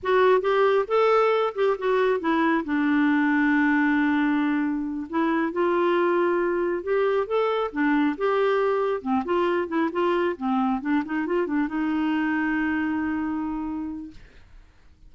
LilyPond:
\new Staff \with { instrumentName = "clarinet" } { \time 4/4 \tempo 4 = 136 fis'4 g'4 a'4. g'8 | fis'4 e'4 d'2~ | d'2.~ d'8 e'8~ | e'8 f'2. g'8~ |
g'8 a'4 d'4 g'4.~ | g'8 c'8 f'4 e'8 f'4 c'8~ | c'8 d'8 dis'8 f'8 d'8 dis'4.~ | dis'1 | }